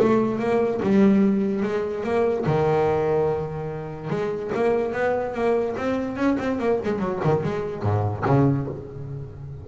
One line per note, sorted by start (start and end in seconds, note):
0.00 0.39 A3
0.39 0.81 A#3
0.83 1.63 G3
1.63 2.04 G#3
2.04 2.45 A#3
2.46 4.10 D#3
4.10 4.52 G#3
4.55 4.93 A#3
4.93 5.34 B3
5.35 5.76 A#3
5.77 6.17 C4
6.17 6.37 C#4
6.39 6.59 C4
6.59 6.80 A#3
6.85 6.99 G#3
6.99 7.20 F#3
7.24 7.44 D#3
7.44 7.83 G#3
7.83 8.24 G#2
8.26 8.67 C#3